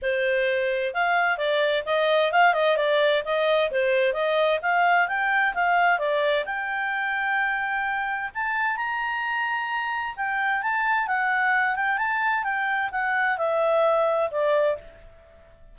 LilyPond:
\new Staff \with { instrumentName = "clarinet" } { \time 4/4 \tempo 4 = 130 c''2 f''4 d''4 | dis''4 f''8 dis''8 d''4 dis''4 | c''4 dis''4 f''4 g''4 | f''4 d''4 g''2~ |
g''2 a''4 ais''4~ | ais''2 g''4 a''4 | fis''4. g''8 a''4 g''4 | fis''4 e''2 d''4 | }